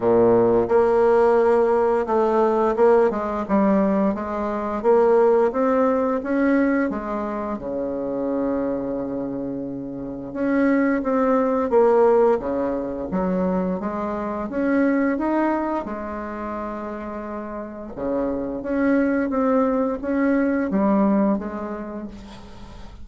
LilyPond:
\new Staff \with { instrumentName = "bassoon" } { \time 4/4 \tempo 4 = 87 ais,4 ais2 a4 | ais8 gis8 g4 gis4 ais4 | c'4 cis'4 gis4 cis4~ | cis2. cis'4 |
c'4 ais4 cis4 fis4 | gis4 cis'4 dis'4 gis4~ | gis2 cis4 cis'4 | c'4 cis'4 g4 gis4 | }